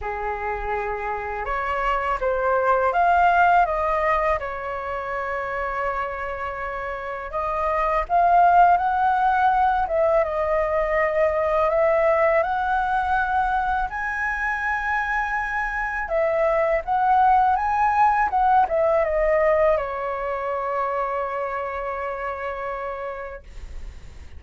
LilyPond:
\new Staff \with { instrumentName = "flute" } { \time 4/4 \tempo 4 = 82 gis'2 cis''4 c''4 | f''4 dis''4 cis''2~ | cis''2 dis''4 f''4 | fis''4. e''8 dis''2 |
e''4 fis''2 gis''4~ | gis''2 e''4 fis''4 | gis''4 fis''8 e''8 dis''4 cis''4~ | cis''1 | }